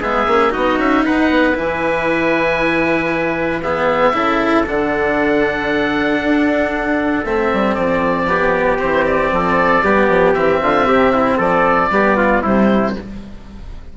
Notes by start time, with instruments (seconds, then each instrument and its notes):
0.00 bassoon G#3, cello B3, trumpet G#4, oboe E5
0.26 bassoon A#3, cello C#4
0.49 cello D#4, trumpet F#4, oboe D#5
0.55 bassoon B3
0.77 bassoon C#4, oboe E5
1.04 bassoon D#4, trumpet B4, oboe F#5
1.30 bassoon B3
1.54 bassoon E3, cello E4, oboe G#5
3.62 cello B3, trumpet G#4, oboe E5
4.13 bassoon C#3, cello E4, trumpet A4
4.65 bassoon D3, cello D4, oboe F#5
6.23 bassoon D4
7.25 bassoon A3, cello C4, oboe E5
7.52 bassoon G3
7.74 bassoon F3, oboe D5
8.27 cello B3, trumpet G4
8.78 bassoon E3, cello C4, oboe C5
9.05 oboe D5
9.31 bassoon F3, trumpet A4
9.83 bassoon G3, cello B3, trumpet G4
10.08 bassoon F3
10.33 bassoon E3, cello C4, oboe E5
10.61 bassoon D3, trumpet F4
10.86 bassoon C3, trumpet G4
11.13 trumpet E4
11.37 bassoon F3, trumpet A4, oboe D5
11.90 bassoon G3, cello B3, trumpet G4
12.16 trumpet F4
12.42 bassoon C3, cello G3, trumpet E4, oboe C5